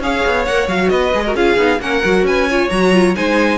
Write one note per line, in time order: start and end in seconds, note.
0.00 0.22 C#4
0.00 0.47 G#4
0.00 0.91 C#5
0.00 0.45 F5
0.26 0.49 B3
0.45 0.68 A#3
0.45 0.68 A#4
0.45 0.68 F#5
0.68 0.90 F#3
0.68 1.13 F#4
0.68 0.90 F5
0.90 1.14 B3
0.90 1.25 B4
0.90 1.34 D#5
1.14 1.35 G#3
1.14 1.26 G#4
1.25 1.36 F#4
1.25 1.36 A#4
1.35 1.57 C#4
1.35 1.58 F4
1.35 1.81 G#4
1.35 1.81 F5
1.57 1.80 B3
1.57 1.80 D#4
1.80 2.03 A#3
1.80 2.03 C#4
1.80 2.27 A#4
1.80 2.26 F#5
2.04 2.23 F#3
2.04 2.49 F#4
2.23 2.68 C#4
2.23 2.49 B4
2.23 2.70 G#5
2.49 2.71 F4
2.49 3.17 C#5
2.70 3.16 F#3
2.70 2.93 F#4
2.70 3.14 A#5
2.93 3.15 F4
3.15 3.58 G#3
3.15 3.58 D#4
3.15 3.58 C5
3.15 3.58 G#5